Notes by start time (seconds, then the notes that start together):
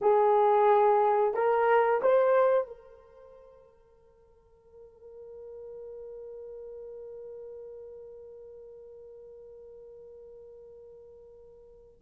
0.01 G#4
1.34 A#4
2.02 C5
2.67 A#4